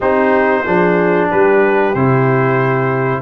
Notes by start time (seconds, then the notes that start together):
0.00 C4 D#4 G4 C5
0.65 F3 D4 G#4
1.29 G3 G4 B4
1.94 C3 E4 C5